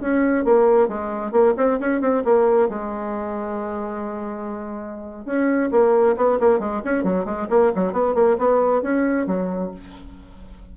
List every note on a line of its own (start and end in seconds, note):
0.00 0.45 C#4
0.45 0.88 A#3
0.88 1.31 G#3
1.31 1.54 A#3
1.57 1.79 C4
1.80 2.01 C#4
2.01 2.23 C4
2.24 2.69 A#3
2.69 5.25 G#3
5.25 5.70 C#4
5.71 6.16 A#3
6.16 6.39 B3
6.40 6.59 A#3
6.59 6.81 G#3
6.84 7.04 C#4
7.04 7.25 F#3
7.25 7.47 G#3
7.50 7.72 A#3
7.75 7.93 F#3
7.93 8.14 B3
8.14 8.37 A#3
8.38 8.82 B3
8.82 9.26 C#4
9.26 9.71 F#3